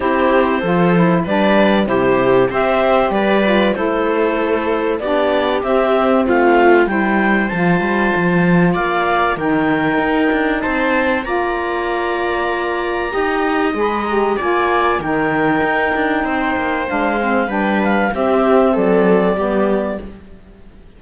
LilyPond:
<<
  \new Staff \with { instrumentName = "clarinet" } { \time 4/4 \tempo 4 = 96 c''2 d''4 c''4 | e''4 d''4 c''2 | d''4 e''4 f''4 g''4 | a''2 f''4 g''4~ |
g''4 a''4 ais''2~ | ais''2 b''8 ais''8 gis''4 | g''2. f''4 | g''8 f''8 e''4 d''2 | }
  \new Staff \with { instrumentName = "viola" } { \time 4/4 g'4 a'4 b'4 g'4 | c''4 b'4 a'2 | g'2 f'4 c''4~ | c''2 d''4 ais'4~ |
ais'4 c''4 d''2~ | d''4 dis''2 d''4 | ais'2 c''2 | b'4 g'4 a'4 g'4 | }
  \new Staff \with { instrumentName = "saxophone" } { \time 4/4 e'4 f'8 e'8 d'4 e'4 | g'4. f'8 e'2 | d'4 c'2 e'4 | f'2. dis'4~ |
dis'2 f'2~ | f'4 g'4 gis'8 g'8 f'4 | dis'2. d'8 c'8 | d'4 c'2 b4 | }
  \new Staff \with { instrumentName = "cello" } { \time 4/4 c'4 f4 g4 c4 | c'4 g4 a2 | b4 c'4 a4 g4 | f8 g8 f4 ais4 dis4 |
dis'8 d'8 c'4 ais2~ | ais4 dis'4 gis4 ais4 | dis4 dis'8 d'8 c'8 ais8 gis4 | g4 c'4 fis4 g4 | }
>>